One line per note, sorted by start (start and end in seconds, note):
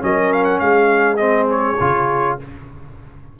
0.00 0.60 F#3
0.00 1.18 C#4
0.00 0.63 A#4
0.00 0.32 D#5
0.32 0.44 F5
0.44 0.59 F#5
0.59 1.78 G#3
0.59 2.39 G#4
0.59 1.16 F5
1.16 1.77 C4
1.16 1.46 D#5
1.50 2.38 C#5
1.80 2.39 C#3
1.80 2.39 F4